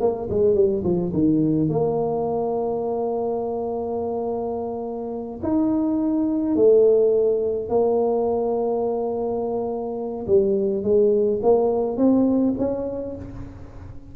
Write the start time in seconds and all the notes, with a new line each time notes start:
0.00 A#3
0.30 G#3
0.55 G3
0.84 F3
1.13 D#3
1.69 A#3
5.43 D#4
6.56 A3
7.69 A#3
10.27 G3
10.83 G#3
11.42 A#3
11.97 C4
12.58 C#4